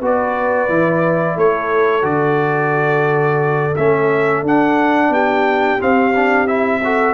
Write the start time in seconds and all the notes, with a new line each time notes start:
0.00 B3 F#4 B4 D5
0.68 E3 E4
1.36 A3 A4 C#5
2.02 D3 F#4 D5
3.76 A3 C#4 E5
4.42 D4 F#5
5.09 B3 G4 G5
5.79 C4 F5
6.15 D4
6.47 E4 E5
6.84 F#4 A4